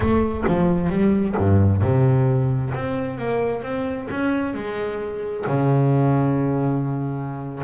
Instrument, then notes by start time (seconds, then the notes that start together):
double bass
0.00 A3
0.47 F3
0.89 G3
1.37 G2
1.81 C3
2.74 C4
3.18 A#3
3.62 C4
4.10 C#4
4.54 G#3
5.46 C#3